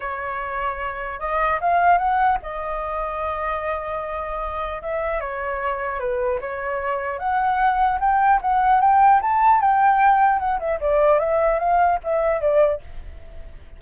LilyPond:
\new Staff \with { instrumentName = "flute" } { \time 4/4 \tempo 4 = 150 cis''2. dis''4 | f''4 fis''4 dis''2~ | dis''1 | e''4 cis''2 b'4 |
cis''2 fis''2 | g''4 fis''4 g''4 a''4 | g''2 fis''8 e''8 d''4 | e''4 f''4 e''4 d''4 | }